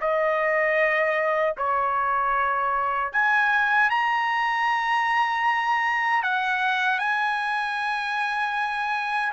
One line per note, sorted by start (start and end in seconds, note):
0.00 1.56 D#5
1.57 3.12 C#5
3.12 3.90 G#5
3.90 6.23 A#5
6.23 6.98 F#5
6.98 9.32 G#5